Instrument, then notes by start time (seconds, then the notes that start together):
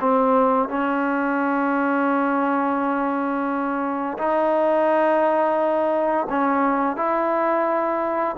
trombone
0.00 C4
0.68 C#4
4.18 D#4
6.29 C#4
6.96 E4